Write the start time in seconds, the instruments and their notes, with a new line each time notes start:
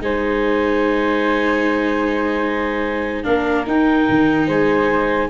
0.00 tuba G#3, viola D#4, flute C5, clarinet G#5
3.23 tuba A#3, viola D4, flute A#4, clarinet F5
3.66 tuba D#4, viola D#4, clarinet G5
4.09 tuba D#3
4.47 tuba G#3, flute C5, clarinet G#5